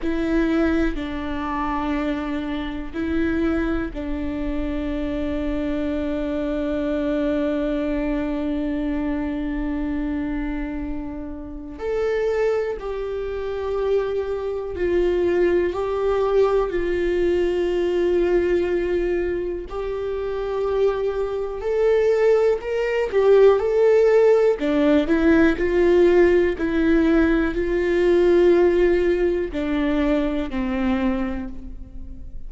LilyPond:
\new Staff \with { instrumentName = "viola" } { \time 4/4 \tempo 4 = 61 e'4 d'2 e'4 | d'1~ | d'1 | a'4 g'2 f'4 |
g'4 f'2. | g'2 a'4 ais'8 g'8 | a'4 d'8 e'8 f'4 e'4 | f'2 d'4 c'4 | }